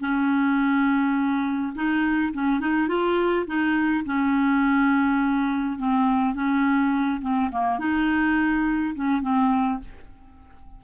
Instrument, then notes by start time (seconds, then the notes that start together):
clarinet
0.00 C#4
1.75 D#4
2.33 C#4
2.60 D#4
2.88 F4
3.47 D#4
4.05 C#4
5.78 C4
6.34 C#4
7.21 C4
7.51 A#3
7.79 D#4
8.95 C#4
9.22 C4